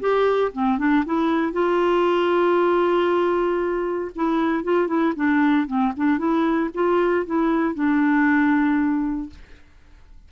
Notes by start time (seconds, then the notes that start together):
0.00 G4
0.52 C4
0.78 D4
1.05 E4
1.53 F4
4.15 E4
4.64 F4
4.88 E4
5.16 D4
5.67 C4
5.96 D4
6.18 E4
6.74 F4
7.26 E4
7.74 D4